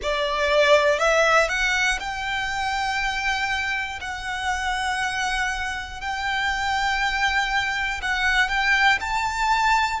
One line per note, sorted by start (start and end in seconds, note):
0.02 0.99 D5
0.99 1.49 E5
1.49 1.99 F#5
2.00 4.00 G5
4.00 6.00 F#5
6.00 8.00 G5
8.01 8.49 F#5
8.49 8.99 G5
9.00 10.00 A5